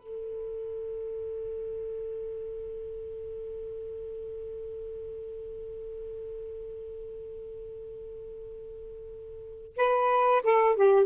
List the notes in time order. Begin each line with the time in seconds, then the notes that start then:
0.00 A4
9.77 B4
10.43 A4
10.76 G4